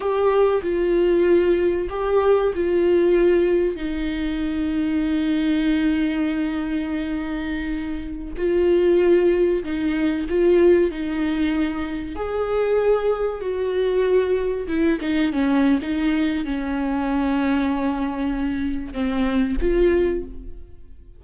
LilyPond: \new Staff \with { instrumentName = "viola" } { \time 4/4 \tempo 4 = 95 g'4 f'2 g'4 | f'2 dis'2~ | dis'1~ | dis'4~ dis'16 f'2 dis'8.~ |
dis'16 f'4 dis'2 gis'8.~ | gis'4~ gis'16 fis'2 e'8 dis'16~ | dis'16 cis'8. dis'4 cis'2~ | cis'2 c'4 f'4 | }